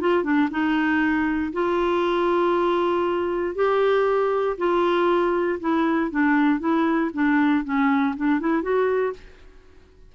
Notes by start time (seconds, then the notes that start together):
0.00 F4
0.23 D4
0.51 D#4
1.53 F4
3.55 G4
4.57 F4
5.60 E4
6.10 D4
6.60 E4
7.13 D4
7.64 C#4
8.16 D4
8.40 E4
8.62 F#4